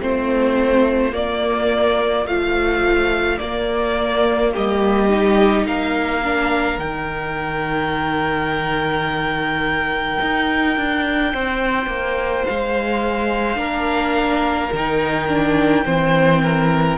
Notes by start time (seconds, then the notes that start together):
0.00 A3 C4 F4 C5
1.11 A#3 D5
2.25 F3 A3 F5
3.38 A#3 D5
4.53 G3 G4 D#5
5.09 D#4
5.66 A#3 A#4 F5
6.23 D4
6.78 D#3 D#4 G5
10.20 D#4
10.76 D4
11.33 C4 C5
11.86 A#3
12.46 G#3 F5
13.56 A#3 D4 A#4
14.72 D#3 D#4 G5
15.28 D4
15.84 E3 C4 C5
16.42 A#4